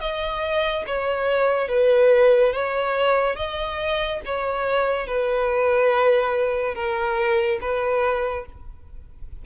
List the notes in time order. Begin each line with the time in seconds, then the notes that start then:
0.00 D#5
0.86 C#5
1.68 B4
2.53 C#5
3.36 D#5
4.25 C#5
5.07 B4
6.75 A#4
7.61 B4